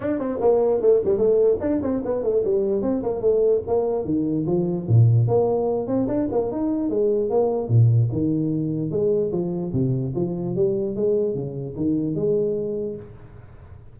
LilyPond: \new Staff \with { instrumentName = "tuba" } { \time 4/4 \tempo 4 = 148 d'8 c'8 ais4 a8 g8 a4 | d'8 c'8 b8 a8 g4 c'8 ais8 | a4 ais4 dis4 f4 | ais,4 ais4. c'8 d'8 ais8 |
dis'4 gis4 ais4 ais,4 | dis2 gis4 f4 | c4 f4 g4 gis4 | cis4 dis4 gis2 | }